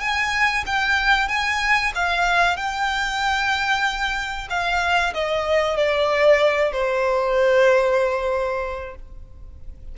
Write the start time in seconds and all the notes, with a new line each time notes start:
0.00 G#5
0.66 G5
1.28 G#5
1.95 F5
2.56 G5
4.49 F5
5.14 D#5
5.76 D5
6.72 C5